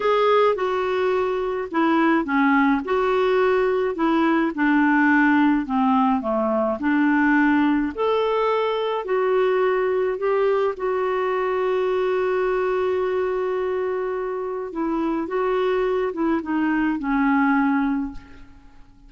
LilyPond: \new Staff \with { instrumentName = "clarinet" } { \time 4/4 \tempo 4 = 106 gis'4 fis'2 e'4 | cis'4 fis'2 e'4 | d'2 c'4 a4 | d'2 a'2 |
fis'2 g'4 fis'4~ | fis'1~ | fis'2 e'4 fis'4~ | fis'8 e'8 dis'4 cis'2 | }